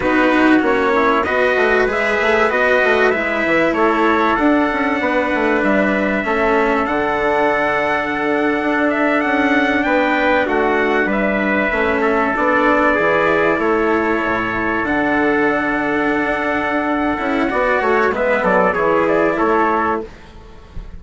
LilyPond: <<
  \new Staff \with { instrumentName = "trumpet" } { \time 4/4 \tempo 4 = 96 b'4 cis''4 dis''4 e''4 | dis''4 e''4 cis''4 fis''4~ | fis''4 e''2 fis''4~ | fis''2~ fis''16 e''8 fis''4 g''16~ |
g''8. fis''4 e''2 d''16~ | d''4.~ d''16 cis''2 fis''16~ | fis''1~ | fis''4 e''8 d''8 cis''8 d''8 cis''4 | }
  \new Staff \with { instrumentName = "trumpet" } { \time 4/4 fis'4. e'8 b'2~ | b'2 a'2 | b'2 a'2~ | a'2.~ a'8. b'16~ |
b'8. fis'4 b'4. a'8.~ | a'8. gis'4 a'2~ a'16~ | a'1 | d''8 cis''8 b'8 a'8 gis'4 a'4 | }
  \new Staff \with { instrumentName = "cello" } { \time 4/4 dis'4 cis'4 fis'4 gis'4 | fis'4 e'2 d'4~ | d'2 cis'4 d'4~ | d'1~ |
d'2~ d'8. cis'4 d'16~ | d'8. e'2. d'16~ | d'2.~ d'8 e'8 | fis'4 b4 e'2 | }
  \new Staff \with { instrumentName = "bassoon" } { \time 4/4 b4 ais4 b8 a8 gis8 a8 | b8 a8 gis8 e8 a4 d'8 cis'8 | b8 a8 g4 a4 d4~ | d4.~ d16 d'4 cis'4 b16~ |
b8. a4 g4 a4 b16~ | b8. e4 a4 a,4 d16~ | d2 d'4. cis'8 | b8 a8 gis8 fis8 e4 a4 | }
>>